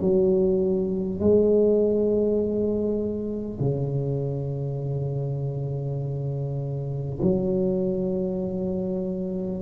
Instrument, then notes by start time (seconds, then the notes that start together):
tuba
0.00 F#3
1.19 G#3
3.59 C#3
7.22 F#3